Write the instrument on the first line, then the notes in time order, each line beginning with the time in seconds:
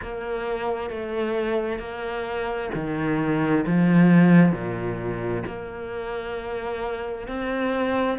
cello
0.02 A#3
0.90 A3
1.79 A#3
2.74 D#3
3.66 F3
4.52 A#2
5.46 A#3
7.27 C4